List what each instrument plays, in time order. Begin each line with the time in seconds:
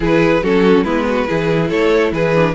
0.00 cello E3, viola E4, violin G#4 B4
0.42 cello F#3, viola C#4, violin F#4 A4
0.83 cello G#3, viola B3, violin E4 B4
1.07 violin F#4
1.27 cello E3, viola E4, violin G#4
1.69 cello A3, violin A4 C#5
2.12 cello E3, violin G#4 B4
2.34 viola D4